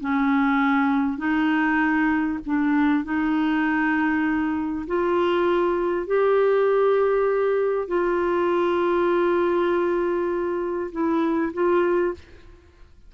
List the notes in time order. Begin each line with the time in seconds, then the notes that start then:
0.00 C#4
1.18 D#4
2.45 D4
3.04 D#4
4.87 F4
6.06 G4
7.87 F4
10.91 E4
11.53 F4